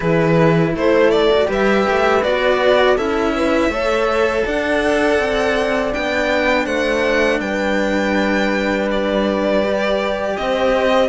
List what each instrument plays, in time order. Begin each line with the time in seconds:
0.00 cello E3 E4, horn G#4, violin B4
0.74 cello A3, horn A4, violin C5
1.10 violin D5
1.30 cello F#4
1.46 cello G3 G4, horn B4
1.52 violin E5
1.89 cello A3
2.22 cello B3 F#4, violin D5
2.96 cello C#4 E4, horn A4, violin E5
3.35 horn B4
3.69 cello A3 A4, horn C#5
4.45 cello D4, horn D5, violin F#5
5.18 cello C4
5.92 cello B3 D4, violin G5
6.65 cello A3, horn C5, violin F#5
7.40 cello G3, horn B4, violin G5
8.91 violin D5
9.63 cello G4
10.36 cello C4, horn C5, violin D#5